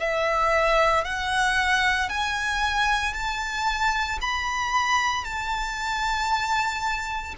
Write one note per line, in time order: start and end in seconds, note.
0.00 1.04 E5
1.04 2.09 F#5
2.09 3.13 G#5
3.13 4.19 A5
4.21 5.24 B5
5.24 7.35 A5